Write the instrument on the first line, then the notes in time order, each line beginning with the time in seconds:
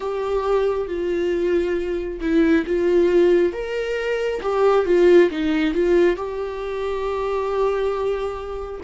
viola
0.00 G4
0.87 F4
2.20 E4
2.66 F4
3.53 A#4
4.42 G4
4.85 F4
5.30 D#4
5.74 F4
6.16 G4